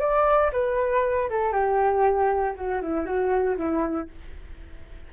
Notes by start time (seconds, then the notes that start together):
0.00 D5
0.53 B4
1.30 A4
1.53 G4
2.56 F#4
2.82 E4
3.06 F#4
3.57 E4